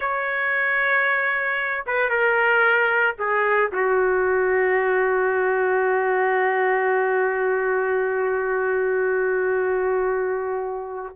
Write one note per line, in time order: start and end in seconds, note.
0.00 1.84 C#5
1.86 2.09 B4
2.09 3.15 A#4
3.18 3.71 G#4
3.71 11.15 F#4